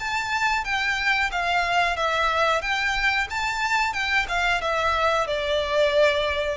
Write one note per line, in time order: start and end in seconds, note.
0.00 0.65 A5
0.65 1.31 G5
1.32 1.97 F5
1.97 2.62 E5
2.62 3.28 G5
3.30 3.94 A5
3.94 4.26 G5
4.29 4.62 F5
4.62 5.27 E5
5.27 6.58 D5